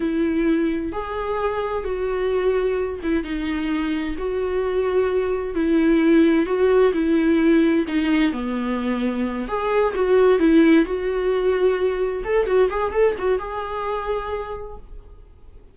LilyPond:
\new Staff \with { instrumentName = "viola" } { \time 4/4 \tempo 4 = 130 e'2 gis'2 | fis'2~ fis'8 e'8 dis'4~ | dis'4 fis'2. | e'2 fis'4 e'4~ |
e'4 dis'4 b2~ | b8 gis'4 fis'4 e'4 fis'8~ | fis'2~ fis'8 a'8 fis'8 gis'8 | a'8 fis'8 gis'2. | }